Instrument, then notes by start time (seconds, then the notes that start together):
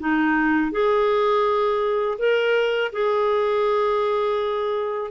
clarinet
0.00 D#4
0.72 G#4
2.19 A#4
2.93 G#4